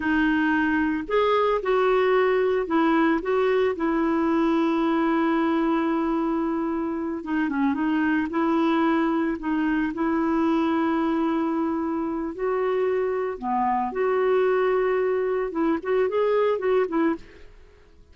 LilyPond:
\new Staff \with { instrumentName = "clarinet" } { \time 4/4 \tempo 4 = 112 dis'2 gis'4 fis'4~ | fis'4 e'4 fis'4 e'4~ | e'1~ | e'4. dis'8 cis'8 dis'4 e'8~ |
e'4. dis'4 e'4.~ | e'2. fis'4~ | fis'4 b4 fis'2~ | fis'4 e'8 fis'8 gis'4 fis'8 e'8 | }